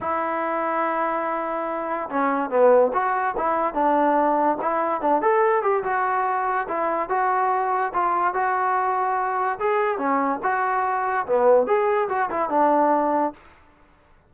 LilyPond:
\new Staff \with { instrumentName = "trombone" } { \time 4/4 \tempo 4 = 144 e'1~ | e'4 cis'4 b4 fis'4 | e'4 d'2 e'4 | d'8 a'4 g'8 fis'2 |
e'4 fis'2 f'4 | fis'2. gis'4 | cis'4 fis'2 b4 | gis'4 fis'8 e'8 d'2 | }